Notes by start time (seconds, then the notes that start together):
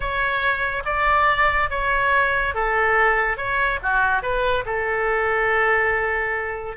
0.00 C#5
0.85 D5
1.70 C#5
2.54 A4
3.37 C#5
3.82 F#4
4.22 B4
4.65 A4